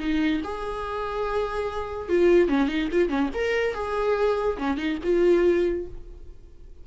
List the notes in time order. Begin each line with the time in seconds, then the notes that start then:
0.00 D#4
0.44 G#4
2.09 F4
2.49 C#4
2.68 D#4
2.92 F4
3.09 C#4
3.34 A#4
3.74 G#4
4.58 C#4
4.77 D#4
5.04 F4